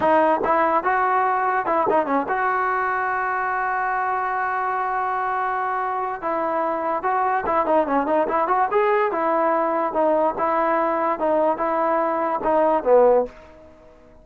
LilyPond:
\new Staff \with { instrumentName = "trombone" } { \time 4/4 \tempo 4 = 145 dis'4 e'4 fis'2 | e'8 dis'8 cis'8 fis'2~ fis'8~ | fis'1~ | fis'2. e'4~ |
e'4 fis'4 e'8 dis'8 cis'8 dis'8 | e'8 fis'8 gis'4 e'2 | dis'4 e'2 dis'4 | e'2 dis'4 b4 | }